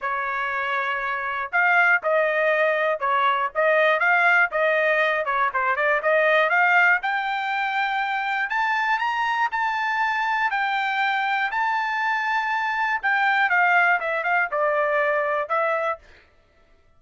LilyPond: \new Staff \with { instrumentName = "trumpet" } { \time 4/4 \tempo 4 = 120 cis''2. f''4 | dis''2 cis''4 dis''4 | f''4 dis''4. cis''8 c''8 d''8 | dis''4 f''4 g''2~ |
g''4 a''4 ais''4 a''4~ | a''4 g''2 a''4~ | a''2 g''4 f''4 | e''8 f''8 d''2 e''4 | }